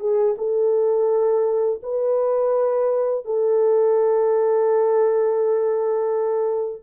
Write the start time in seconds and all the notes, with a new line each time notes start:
0.00 G#4
0.38 A4
1.82 B4
3.25 A4